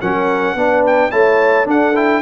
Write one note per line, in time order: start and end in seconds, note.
0.00 0.54 F#3
0.00 0.56 C#4
0.00 0.56 A#4
0.00 0.84 F#5
0.54 1.10 B3
0.54 1.11 D4
0.54 1.11 B4
0.86 1.11 G5
1.11 1.66 A3
1.11 1.65 E4
1.11 1.67 C#5
1.11 1.67 A5
1.65 1.93 D4
1.65 2.22 D4
1.65 2.22 A4
1.65 1.96 F#5
1.95 2.22 E4
1.95 2.22 G5